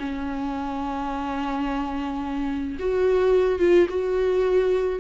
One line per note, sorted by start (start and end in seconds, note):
0.00 2.78 C#4
2.80 3.60 F#4
3.60 3.87 F4
3.90 5.00 F#4